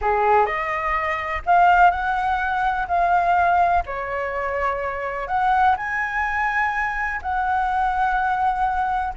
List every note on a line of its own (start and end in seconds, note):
0.01 0.46 G#4
0.46 1.42 D#5
1.46 1.90 F5
1.90 2.86 F#5
2.87 3.83 F5
3.86 5.27 C#5
5.27 5.75 F#5
5.76 7.20 G#5
7.22 9.14 F#5